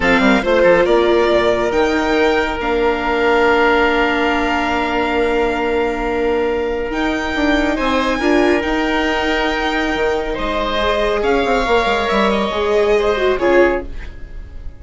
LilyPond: <<
  \new Staff \with { instrumentName = "violin" } { \time 4/4 \tempo 4 = 139 f''4 c''4 d''2 | g''2 f''2~ | f''1~ | f''1 |
g''2 gis''2 | g''1 | dis''2 f''2 | e''8 dis''2~ dis''8 cis''4 | }
  \new Staff \with { instrumentName = "oboe" } { \time 4/4 a'8 ais'8 c''8 a'8 ais'2~ | ais'1~ | ais'1~ | ais'1~ |
ais'2 c''4 ais'4~ | ais'1 | c''2 cis''2~ | cis''2 c''4 gis'4 | }
  \new Staff \with { instrumentName = "viola" } { \time 4/4 c'4 f'2. | dis'2 d'2~ | d'1~ | d'1 |
dis'2. f'4 | dis'1~ | dis'4 gis'2 ais'4~ | ais'4 gis'4. fis'8 f'4 | }
  \new Staff \with { instrumentName = "bassoon" } { \time 4/4 f8 g8 a8 f8 ais4 ais,4 | dis2 ais2~ | ais1~ | ais1 |
dis'4 d'4 c'4 d'4 | dis'2. dis4 | gis2 cis'8 c'8 ais8 gis8 | g4 gis2 cis4 | }
>>